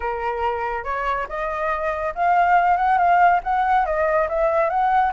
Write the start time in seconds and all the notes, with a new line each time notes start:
0.00 A#4
0.84 C#5
1.28 D#5
2.15 F5
2.77 F#5
2.98 F5
3.43 F#5
3.85 D#5
4.28 E5
4.69 F#5